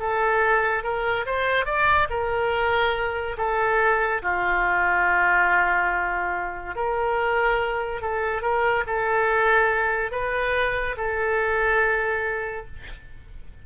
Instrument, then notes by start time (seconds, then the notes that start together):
oboe
0.00 A4
0.84 A#4
1.26 C5
1.66 D5
2.10 A#4
3.38 A4
4.23 F4
6.76 A#4
8.02 A4
8.42 A#4
8.87 A4
10.12 B4
10.97 A4